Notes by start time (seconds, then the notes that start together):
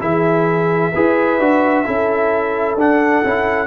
0.00 E3 E4 G#4 E5
0.92 E4 G#4 B4
1.39 D4 F#4
1.85 C#4 E4 A4
2.76 D4 F#5
3.25 C#4 E4